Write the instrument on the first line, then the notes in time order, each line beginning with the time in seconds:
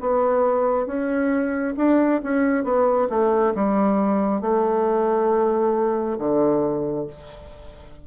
bassoon
0.00 B3
0.86 C#4
1.76 D4
2.23 C#4
2.64 B3
3.09 A3
3.54 G3
4.41 A3
6.18 D3